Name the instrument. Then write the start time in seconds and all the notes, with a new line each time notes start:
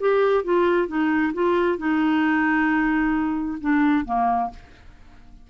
clarinet
0.00 G4
0.44 F4
0.87 D#4
1.33 F4
1.78 D#4
3.61 D4
4.05 A#3